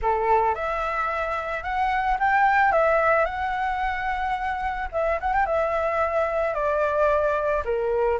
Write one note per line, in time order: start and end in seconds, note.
0.01 0.54 A4
0.54 1.63 E5
1.63 2.17 F#5
2.19 2.71 G5
2.71 3.25 E5
3.25 4.88 F#5
4.91 5.19 E5
5.20 5.33 F#5
5.33 5.45 G5
5.45 6.54 E5
6.54 7.63 D5
7.64 8.19 A#4